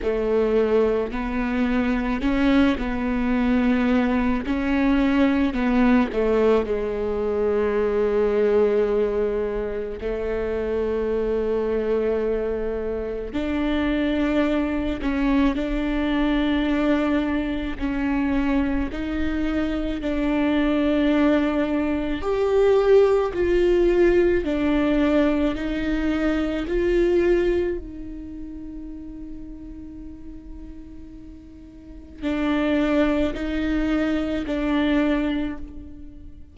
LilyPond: \new Staff \with { instrumentName = "viola" } { \time 4/4 \tempo 4 = 54 a4 b4 cis'8 b4. | cis'4 b8 a8 gis2~ | gis4 a2. | d'4. cis'8 d'2 |
cis'4 dis'4 d'2 | g'4 f'4 d'4 dis'4 | f'4 dis'2.~ | dis'4 d'4 dis'4 d'4 | }